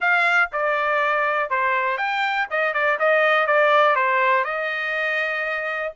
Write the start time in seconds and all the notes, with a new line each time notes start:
0.00 F5
0.52 D5
1.50 C5
1.97 G5
2.50 D#5
2.73 D5
2.99 D#5
3.47 D5
3.95 C5
4.44 D#5